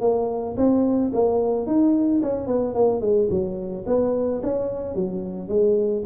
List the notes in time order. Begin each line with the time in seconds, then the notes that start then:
0.00 A#3
0.56 C4
1.13 A#3
1.66 D#4
2.22 C#4
2.46 B3
2.74 A#3
3.00 G#3
3.30 F#3
3.86 B3
4.42 C#4
4.94 F#3
5.48 G#3